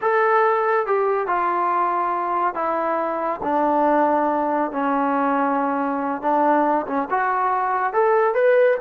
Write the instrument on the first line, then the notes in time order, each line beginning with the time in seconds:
trombone
0.01 A4
0.86 G4
1.27 F4
2.54 E4
3.43 D4
4.71 C#4
6.21 D4
6.86 C#4
7.10 F#4
7.93 A4
8.34 B4